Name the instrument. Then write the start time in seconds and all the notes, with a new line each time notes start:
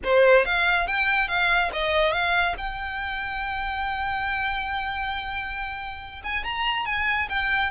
violin
0.04 C5
0.45 F5
0.87 G5
1.28 F5
1.73 D#5
2.12 F5
2.57 G5
6.23 G#5
6.43 A#5
6.85 G#5
7.29 G5